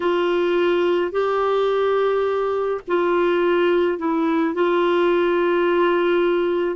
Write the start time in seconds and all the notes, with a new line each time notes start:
0.00 F4
1.11 G4
2.87 F4
3.98 E4
4.54 F4